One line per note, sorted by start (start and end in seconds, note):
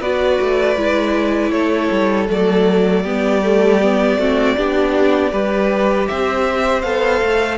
0.00 0.38 B3
0.00 0.77 F#4
0.00 1.52 B4
0.00 1.51 D5
0.41 0.76 A3
0.76 1.51 G#3
0.76 2.28 E4
1.51 1.89 A3
1.51 3.03 A4
1.51 2.27 C#5
1.91 2.29 G3
2.28 3.04 F#3
2.28 3.04 A3
2.28 6.07 D5
3.03 4.16 G3
3.03 3.42 B3
3.03 4.17 G4
3.43 3.81 A3
3.81 4.19 B3
4.16 4.54 A3
4.16 4.57 C4
4.16 4.56 F#4
4.57 5.32 B3
4.57 5.32 D4
4.57 5.32 G4
5.32 6.08 G3
5.32 6.84 G4
5.32 6.08 B4
6.07 6.83 C4
6.07 7.58 C5
6.07 6.82 E5
6.82 7.21 B3
6.82 7.58 A4
6.82 7.58 F5
7.22 7.58 A3